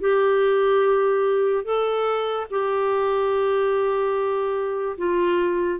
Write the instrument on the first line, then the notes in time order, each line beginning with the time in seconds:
clarinet
0.00 G4
1.64 A4
2.50 G4
4.98 F4